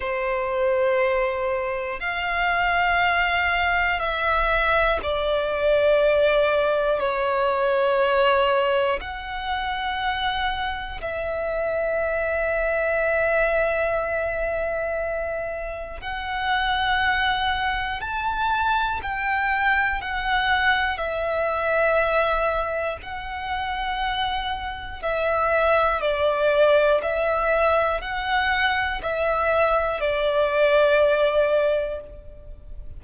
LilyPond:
\new Staff \with { instrumentName = "violin" } { \time 4/4 \tempo 4 = 60 c''2 f''2 | e''4 d''2 cis''4~ | cis''4 fis''2 e''4~ | e''1 |
fis''2 a''4 g''4 | fis''4 e''2 fis''4~ | fis''4 e''4 d''4 e''4 | fis''4 e''4 d''2 | }